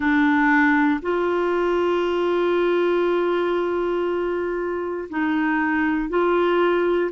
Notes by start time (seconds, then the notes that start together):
0.00 D4
1.02 F4
5.09 D#4
6.09 F4